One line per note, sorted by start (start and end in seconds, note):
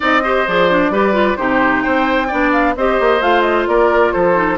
0.00 0.47 C4
0.00 0.22 D#4
0.00 0.22 D5
0.00 0.48 D#5
0.23 0.46 G4
0.23 0.92 C5
0.47 0.90 F3
0.47 0.70 G#4
0.47 1.36 D5
0.70 0.92 D4
0.90 1.35 G3
0.90 1.13 G4
0.90 1.37 B4
1.13 1.35 F4
1.36 1.84 C3
1.36 2.29 D#4
1.36 1.83 G4
1.36 1.82 C5
1.82 2.32 C4
1.82 2.27 C5
1.82 2.51 G5
2.27 2.76 B3
2.27 2.76 D4
2.27 2.73 D5
2.52 2.75 F5
2.76 2.98 C4
2.76 3.21 G4
2.76 3.69 C5
2.76 3.22 D#5
2.99 3.21 A#3
3.21 3.67 A3
3.21 4.33 F4
3.21 3.41 F5
3.41 3.64 D#5
3.67 4.12 A#3
3.67 4.13 A#4
3.67 4.12 D5
4.12 4.58 F3
4.12 4.58 A4
4.12 4.57 C5
4.33 4.56 D#4